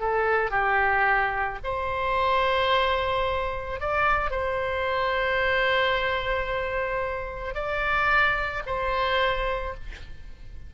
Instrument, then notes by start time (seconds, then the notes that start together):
oboe
0.00 A4
0.51 G4
1.64 C5
3.80 D5
4.31 C5
7.55 D5
8.66 C5